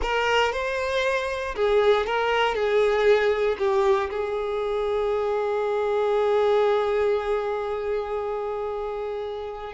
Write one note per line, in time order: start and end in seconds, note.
0.02 0.52 A#4
0.52 1.55 C5
1.55 2.06 G#4
2.06 2.54 A#4
2.54 3.57 G#4
3.58 4.09 G4
4.10 9.73 G#4